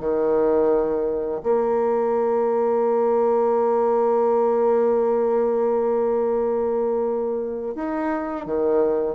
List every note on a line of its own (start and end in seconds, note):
0.00 1.41 D#3
1.43 7.75 A#3
7.75 8.46 D#4
8.46 9.15 D#3